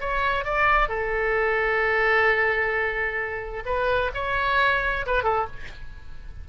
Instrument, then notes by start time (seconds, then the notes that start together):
oboe
0.00 C#5
0.45 D5
0.88 A4
3.65 B4
4.14 C#5
5.06 B4
5.23 A4